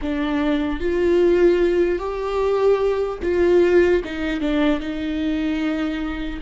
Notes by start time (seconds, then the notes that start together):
0.01 D4
0.80 F4
1.98 G4
3.22 F4
4.04 D#4
4.40 D4
4.80 D#4